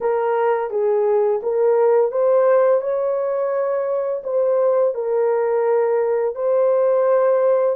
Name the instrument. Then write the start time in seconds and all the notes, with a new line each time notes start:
horn
0.00 A#4
0.70 G#4
1.42 A#4
2.11 C5
2.81 C#5
4.24 C5
4.94 A#4
6.35 C5